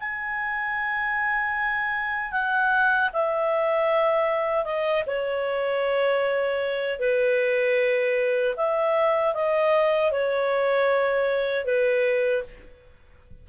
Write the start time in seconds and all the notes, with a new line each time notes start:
0.00 G#5
2.32 F#5
3.13 E5
4.65 D#5
5.06 C#5
7.00 B4
8.57 E5
9.34 D#5
10.12 C#5
11.65 B4